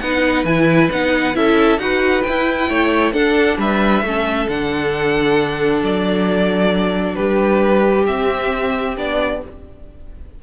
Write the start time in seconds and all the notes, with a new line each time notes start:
0.00 B3 D#4 B4 F#5
0.44 E3 E4 G#5
0.91 B3 D#4 F#5
1.34 C#4 E4 A4 E5
1.78 D#4 F#4 B4 F#5
2.23 E4 G5
2.29 E4
2.69 A3 C#5
3.13 D4 A4 F#5
3.58 G3 B4 E5
4.03 A3 C#4 A4
4.48 D3 D4 F#5
5.83 F#3 D5
7.15 G3 G4 B4
8.07 C4 E5
8.97 B3 D4 D5